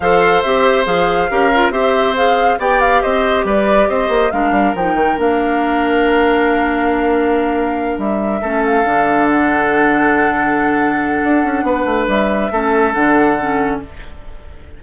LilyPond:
<<
  \new Staff \with { instrumentName = "flute" } { \time 4/4 \tempo 4 = 139 f''4 e''4 f''2 | e''4 f''4 g''8 f''8 dis''4 | d''4 dis''4 f''4 g''4 | f''1~ |
f''2~ f''8 e''4. | f''4. fis''2~ fis''8~ | fis''1 | e''2 fis''2 | }
  \new Staff \with { instrumentName = "oboe" } { \time 4/4 c''2. ais'4 | c''2 d''4 c''4 | b'4 c''4 ais'2~ | ais'1~ |
ais'2.~ ais'8 a'8~ | a'1~ | a'2. b'4~ | b'4 a'2. | }
  \new Staff \with { instrumentName = "clarinet" } { \time 4/4 a'4 g'4 gis'4 g'8 f'8 | g'4 gis'4 g'2~ | g'2 d'4 dis'4 | d'1~ |
d'2.~ d'8 cis'8~ | cis'8 d'2.~ d'8~ | d'1~ | d'4 cis'4 d'4 cis'4 | }
  \new Staff \with { instrumentName = "bassoon" } { \time 4/4 f4 c'4 f4 cis'4 | c'2 b4 c'4 | g4 c'8 ais8 gis8 g8 f8 dis8 | ais1~ |
ais2~ ais8 g4 a8~ | a8 d2.~ d8~ | d2 d'8 cis'8 b8 a8 | g4 a4 d2 | }
>>